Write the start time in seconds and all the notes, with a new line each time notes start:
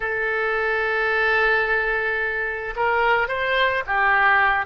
0.00 A4
2.75 A#4
3.28 C5
3.86 G4